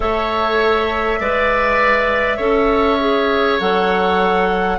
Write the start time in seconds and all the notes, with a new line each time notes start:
0.00 A3 A4 C#5 E5
1.20 G#3 B4 D5
2.37 C#4 A4 C#5
2.99 G#4
3.59 F#3 A4 F#5